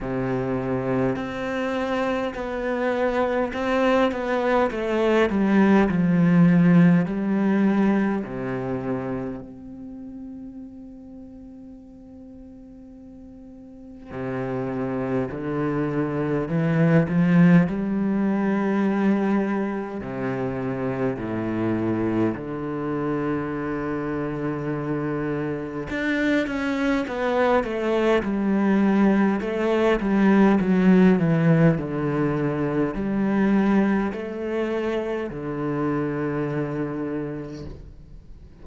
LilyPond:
\new Staff \with { instrumentName = "cello" } { \time 4/4 \tempo 4 = 51 c4 c'4 b4 c'8 b8 | a8 g8 f4 g4 c4 | c'1 | c4 d4 e8 f8 g4~ |
g4 c4 a,4 d4~ | d2 d'8 cis'8 b8 a8 | g4 a8 g8 fis8 e8 d4 | g4 a4 d2 | }